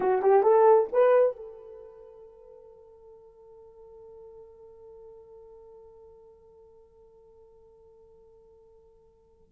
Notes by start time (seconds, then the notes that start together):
0.00 F#4
0.21 G4
0.42 A4
0.92 B4
1.36 A4